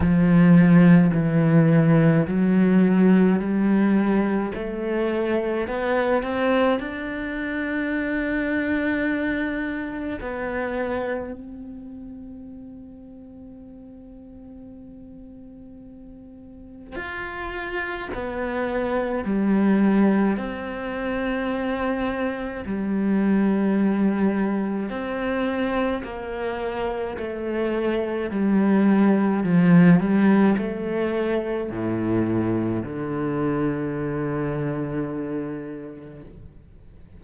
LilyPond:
\new Staff \with { instrumentName = "cello" } { \time 4/4 \tempo 4 = 53 f4 e4 fis4 g4 | a4 b8 c'8 d'2~ | d'4 b4 c'2~ | c'2. f'4 |
b4 g4 c'2 | g2 c'4 ais4 | a4 g4 f8 g8 a4 | a,4 d2. | }